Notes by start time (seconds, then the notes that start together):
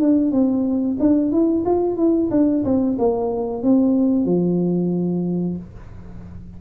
0.00 D4
0.31 C4
1.00 D4
1.32 E4
1.65 F4
1.96 E4
2.31 D4
2.64 C4
2.98 A#3
3.63 C4
4.25 F3